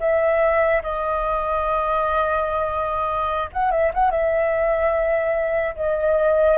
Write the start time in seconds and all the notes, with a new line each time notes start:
0.00 E5
0.83 D#5
3.53 F#5
3.71 E5
3.94 F#5
4.11 E5
5.75 D#5